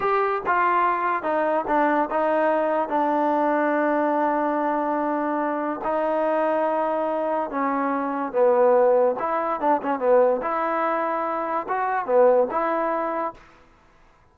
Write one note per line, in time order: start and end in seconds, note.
0.00 0.41 G4
0.46 1.23 F4
1.23 1.64 D#4
1.67 2.09 D4
2.10 2.88 D#4
2.88 5.80 D4
5.83 7.50 D#4
7.50 8.32 C#4
8.32 9.15 B3
9.19 9.60 E4
9.60 9.81 D4
9.82 9.99 C#4
9.99 10.40 B3
10.41 11.66 E4
11.68 12.05 F#4
12.05 12.47 B3
12.50 13.34 E4